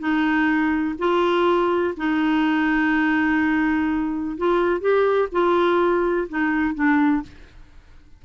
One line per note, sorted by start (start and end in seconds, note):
0.00 0.96 D#4
0.99 1.95 F4
1.97 4.37 D#4
4.38 4.81 F4
4.81 5.29 G4
5.32 6.28 F4
6.29 6.75 D#4
6.75 7.23 D4